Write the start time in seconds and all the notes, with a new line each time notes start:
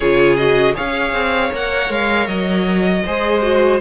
0.00 C#3 F4 G#4 C#5
0.37 F#4 D#5
0.74 C#4 G#4 C#5 F5
1.12 C4
1.50 A#3 A#4 F#5
1.89 G#3 F5
2.27 F#3 D#5
3.05 G#3 G#4 C5
3.41 F#4